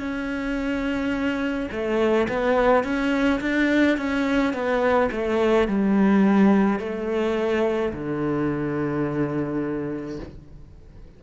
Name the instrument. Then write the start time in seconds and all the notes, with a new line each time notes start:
cello
0.00 C#4
1.71 A3
2.29 B3
2.84 C#4
3.41 D4
3.98 C#4
4.54 B3
5.12 A3
5.68 G3
6.80 A3
7.93 D3